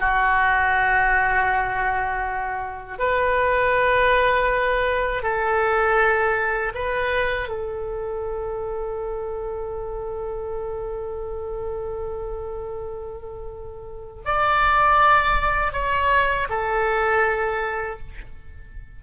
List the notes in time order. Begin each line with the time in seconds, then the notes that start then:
0.00 F#4
2.99 B4
5.23 A4
6.75 B4
7.49 A4
14.25 D5
15.73 C#5
16.50 A4